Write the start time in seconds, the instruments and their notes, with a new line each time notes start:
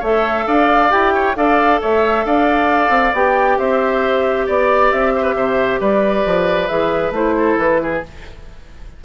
0.00 bassoon A3, clarinet A4, oboe C#5, flute E5
0.47 bassoon D4, oboe D5, flute F5
0.90 bassoon E4, clarinet G4, flute G5
1.15 oboe C#5
1.36 bassoon D4, clarinet A4, oboe D5, flute F5
1.81 bassoon A3, oboe C#5, flute E5
2.26 bassoon D4, oboe D5, flute F5
2.90 bassoon C4
3.14 bassoon B3, clarinet G4, flute G5
3.59 bassoon C4, oboe C5, flute E5
4.46 bassoon B3, oboe D5, flute D5
4.92 bassoon C4, flute E5
5.16 oboe C5
5.23 oboe B4
5.36 bassoon C3, oboe C5
5.80 bassoon G3, oboe B4, flute D5
6.26 bassoon F3
6.68 bassoon E3, clarinet G#4, flute E5
7.11 bassoon A3, clarinet E4, flute C5
7.37 oboe A4
7.58 bassoon E3, flute B4
7.83 oboe G#4